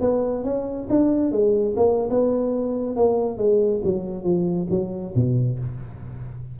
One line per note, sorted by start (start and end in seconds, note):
0.00 0.44 B3
0.44 0.88 C#4
0.89 1.31 D4
1.31 1.75 G#3
1.76 2.09 A#3
2.10 2.96 B3
2.96 3.37 A#3
3.37 3.81 G#3
3.84 4.23 F#3
4.23 4.67 F3
4.70 5.13 F#3
5.15 5.59 B2